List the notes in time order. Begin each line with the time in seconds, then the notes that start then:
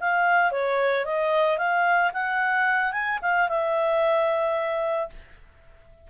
0.00 F5
0.51 C#5
1.05 D#5
1.58 F5
2.13 F#5
2.92 G#5
3.21 F5
3.48 E5